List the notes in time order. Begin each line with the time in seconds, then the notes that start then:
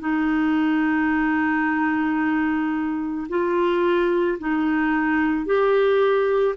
0.00 D#4
3.29 F4
4.39 D#4
5.46 G4